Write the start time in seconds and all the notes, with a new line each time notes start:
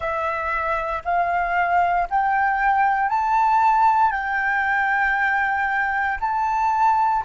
0.00 E5
1.04 F5
2.10 G5
3.08 A5
4.11 G5
6.20 A5